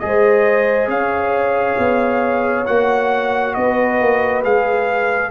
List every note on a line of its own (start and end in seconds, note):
0.00 0.88 G#3
0.00 2.66 G#4
0.00 0.88 D#5
0.06 0.91 C5
0.88 1.76 C#4
0.88 3.56 C#5
0.88 2.66 F5
1.78 2.67 B3
2.66 3.56 A#3
2.66 4.44 F#4
2.66 3.55 F#5
3.55 4.01 B3
3.55 5.31 B4
3.55 4.43 D#5
4.01 4.44 A#3
4.44 5.31 G#3
4.44 5.31 G#4
4.44 5.31 F5